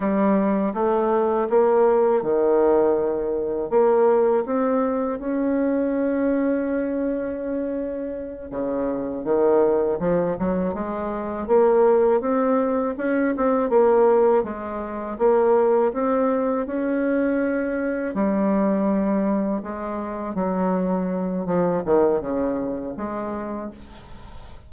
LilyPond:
\new Staff \with { instrumentName = "bassoon" } { \time 4/4 \tempo 4 = 81 g4 a4 ais4 dis4~ | dis4 ais4 c'4 cis'4~ | cis'2.~ cis'8 cis8~ | cis8 dis4 f8 fis8 gis4 ais8~ |
ais8 c'4 cis'8 c'8 ais4 gis8~ | gis8 ais4 c'4 cis'4.~ | cis'8 g2 gis4 fis8~ | fis4 f8 dis8 cis4 gis4 | }